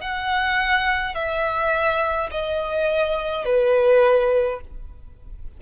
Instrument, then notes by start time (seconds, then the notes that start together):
violin
0.00 F#5
1.14 E5
2.31 D#5
3.45 B4